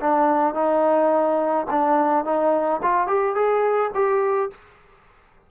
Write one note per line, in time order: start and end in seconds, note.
0.00 0.54 D4
0.54 1.66 D#4
1.70 2.24 D4
2.24 2.80 D#4
2.82 3.07 F4
3.07 3.35 G4
3.35 3.91 G#4
3.94 4.50 G4